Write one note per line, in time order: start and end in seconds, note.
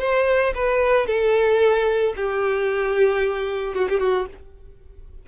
0.00 0.54 C5
0.55 1.07 B4
1.07 2.14 A4
2.16 3.75 G4
3.75 3.88 F#4
3.89 3.99 G4
3.99 4.26 F#4